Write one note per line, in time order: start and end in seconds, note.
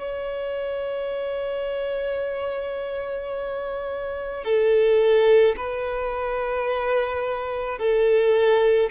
0.00 4.44 C#5
4.44 5.56 A4
5.57 7.79 B4
7.79 8.90 A4